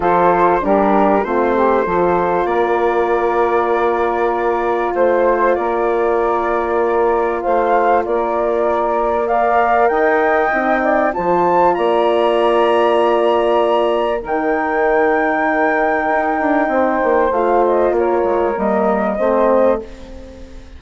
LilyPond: <<
  \new Staff \with { instrumentName = "flute" } { \time 4/4 \tempo 4 = 97 c''4 ais'4 c''2 | d''1 | c''4 d''2. | f''4 d''2 f''4 |
g''2 a''4 ais''4~ | ais''2. g''4~ | g''1 | f''8 dis''8 cis''4 dis''2 | }
  \new Staff \with { instrumentName = "saxophone" } { \time 4/4 a'4 g'4 f'8 g'8 a'4 | ais'1 | c''4 ais'2. | c''4 ais'2 d''4 |
dis''4. d''8 c''4 d''4~ | d''2. ais'4~ | ais'2. c''4~ | c''4 ais'2 c''4 | }
  \new Staff \with { instrumentName = "horn" } { \time 4/4 f'4 d'4 c'4 f'4~ | f'1~ | f'1~ | f'2. ais'4~ |
ais'4 dis'4 f'2~ | f'2. dis'4~ | dis'1 | f'2 ais4 c'4 | }
  \new Staff \with { instrumentName = "bassoon" } { \time 4/4 f4 g4 a4 f4 | ais1 | a4 ais2. | a4 ais2. |
dis'4 c'4 f4 ais4~ | ais2. dis4~ | dis2 dis'8 d'8 c'8 ais8 | a4 ais8 gis8 g4 a4 | }
>>